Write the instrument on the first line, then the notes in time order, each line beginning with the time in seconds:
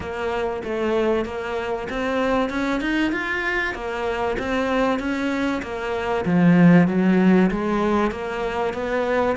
cello
0.00 A#3
0.64 A3
1.25 A#3
1.89 C4
2.49 C#4
2.81 D#4
3.12 F4
3.74 A#3
4.38 C4
4.99 C#4
5.62 A#3
6.25 F3
6.88 F#3
7.51 G#3
8.11 A#3
8.73 B3